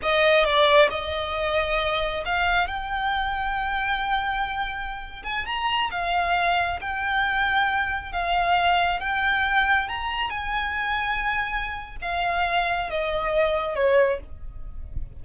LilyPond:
\new Staff \with { instrumentName = "violin" } { \time 4/4 \tempo 4 = 135 dis''4 d''4 dis''2~ | dis''4 f''4 g''2~ | g''2.~ g''8. gis''16~ | gis''16 ais''4 f''2 g''8.~ |
g''2~ g''16 f''4.~ f''16~ | f''16 g''2 ais''4 gis''8.~ | gis''2. f''4~ | f''4 dis''2 cis''4 | }